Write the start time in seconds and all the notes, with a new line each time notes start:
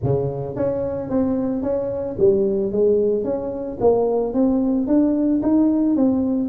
0.03 C#3
0.56 C#4
1.09 C4
1.62 C#4
2.18 G3
2.72 G#3
3.23 C#4
3.80 A#3
4.33 C4
4.87 D4
5.42 D#4
5.96 C4